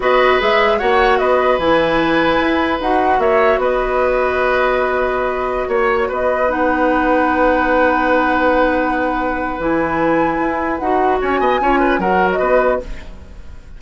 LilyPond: <<
  \new Staff \with { instrumentName = "flute" } { \time 4/4 \tempo 4 = 150 dis''4 e''4 fis''4 dis''4 | gis''2. fis''4 | e''4 dis''2.~ | dis''2~ dis''16 cis''4 dis''8.~ |
dis''16 fis''2.~ fis''8.~ | fis''1 | gis''2. fis''4 | gis''2 fis''8. dis''4~ dis''16 | }
  \new Staff \with { instrumentName = "oboe" } { \time 4/4 b'2 cis''4 b'4~ | b'1 | cis''4 b'2.~ | b'2~ b'16 cis''4 b'8.~ |
b'1~ | b'1~ | b'1 | cis''8 dis''8 cis''8 b'8 ais'4 b'4 | }
  \new Staff \with { instrumentName = "clarinet" } { \time 4/4 fis'4 gis'4 fis'2 | e'2. fis'4~ | fis'1~ | fis'1~ |
fis'16 dis'2.~ dis'8.~ | dis'1 | e'2. fis'4~ | fis'4 f'4 fis'2 | }
  \new Staff \with { instrumentName = "bassoon" } { \time 4/4 b4 gis4 ais4 b4 | e2 e'4 dis'4 | ais4 b2.~ | b2~ b16 ais4 b8.~ |
b1~ | b1 | e2 e'4 dis'4 | cis'8 b8 cis'4 fis4 b4 | }
>>